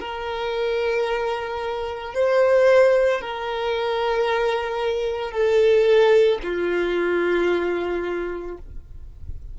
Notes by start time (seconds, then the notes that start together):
0.00 A#4
2.14 C5
3.21 A#4
5.32 A4
6.43 F4